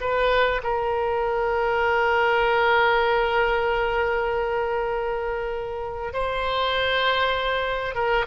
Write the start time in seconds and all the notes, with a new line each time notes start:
0.00 B4
0.63 A#4
6.13 C5
7.95 A#4